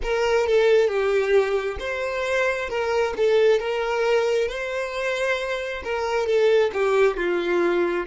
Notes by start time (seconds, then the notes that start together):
0.02 A#4
0.46 A4
0.87 G4
1.79 C5
2.69 A#4
3.16 A4
3.59 A#4
4.48 C5
5.84 A#4
6.26 A4
6.73 G4
7.16 F4